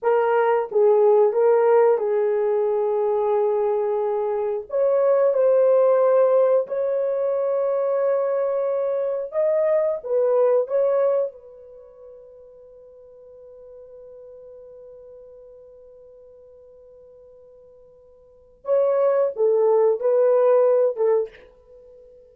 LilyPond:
\new Staff \with { instrumentName = "horn" } { \time 4/4 \tempo 4 = 90 ais'4 gis'4 ais'4 gis'4~ | gis'2. cis''4 | c''2 cis''2~ | cis''2 dis''4 b'4 |
cis''4 b'2.~ | b'1~ | b'1 | cis''4 a'4 b'4. a'8 | }